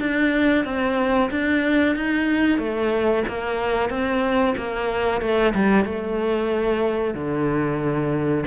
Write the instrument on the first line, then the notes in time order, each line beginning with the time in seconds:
cello
0.00 D4
0.65 C4
1.31 D4
1.96 D#4
2.58 A3
3.28 A#3
3.90 C4
4.57 A#3
5.21 A3
5.55 G3
5.85 A3
7.15 D3